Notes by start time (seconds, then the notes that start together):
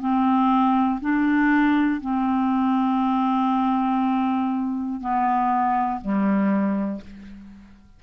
0.00 C4
1.00 D4
2.01 C4
5.01 B3
6.01 G3